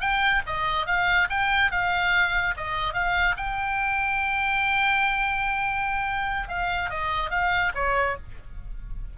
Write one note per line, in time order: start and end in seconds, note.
0.00 0.42 G5
0.46 0.86 D#5
0.86 1.28 F5
1.29 1.71 G5
1.71 2.54 F5
2.57 2.94 D#5
2.94 3.35 F5
3.37 6.48 G5
6.48 6.90 F5
6.90 7.30 D#5
7.30 7.72 F5
7.75 8.16 C#5